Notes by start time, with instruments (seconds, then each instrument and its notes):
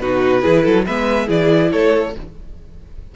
0.00 cello B2, viola D#4, violin F#4 B4
0.42 cello E3, viola E4, violin G#4
0.63 cello F#3, violin A4
0.86 cello G#3, viola B3, violin B4 E5
1.27 cello E3, viola E4, violin G#4 D5
1.72 cello A3, violin A4 C#5